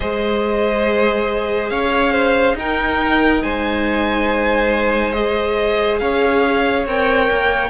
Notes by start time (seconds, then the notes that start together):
0.00 G#3 G#4 C5 D#5
1.69 C#4 C#5 F5
2.12 C5
2.53 D#4 A#4 G5
3.41 G#3 C5 G#5
5.12 G#4 D#5
5.99 C#4 C#5 F5
6.86 C4 A#4 G5
7.30 A#3